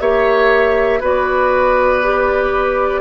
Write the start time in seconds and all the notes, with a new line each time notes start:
0.00 A#3 G4 C#5 E5
1.00 B3 F#4 B4 D5
2.03 G4